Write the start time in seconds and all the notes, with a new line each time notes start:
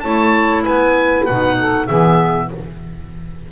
0.00 A3 E4 C#5 A5
0.63 B3 B4 G#5
1.26 B2 D#4 F#5
1.59 A4
1.86 E3 B3 G#4 E5